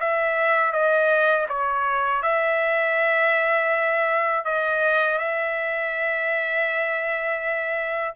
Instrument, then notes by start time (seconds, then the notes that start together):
trumpet
0.00 E5
0.73 D#5
1.49 C#5
2.23 E5
4.45 D#5
5.19 E5